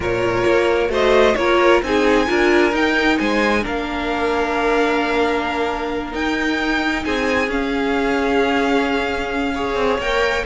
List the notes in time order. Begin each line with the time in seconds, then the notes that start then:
0.00 A#2 F4 A#4 C#5
0.46 A#3
0.88 A3 F#4 C5 D#5
1.35 A#3 F4 A#4 C#5
1.82 C4 D#4 G#4 G#5
2.27 D4 F4 A#4
2.72 D#4 G5
3.18 G#3 C5 G#5
3.62 A#3 D4 A#4 F5
6.11 D#4 G5
7.03 C4 G#4 G#5
7.48 C#4 F5
9.54 G#4 C#5
9.75 C4
9.98 A#3 A#4 G5